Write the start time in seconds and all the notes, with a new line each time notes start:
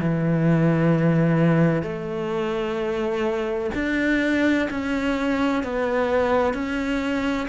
0.00 E3
1.83 A3
3.75 D4
4.70 C#4
5.63 B3
6.54 C#4